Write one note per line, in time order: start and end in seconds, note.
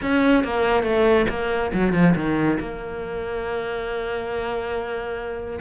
0.02 0.44 C#4
0.44 0.83 A#3
0.83 1.25 A3
1.29 1.71 A#3
1.73 1.93 F#3
1.93 2.14 F3
2.15 2.58 D#3
2.59 5.59 A#3